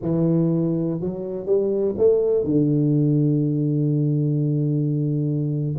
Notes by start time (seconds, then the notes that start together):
0.02 E3
1.00 F#3
1.46 G3
1.97 A3
2.44 D3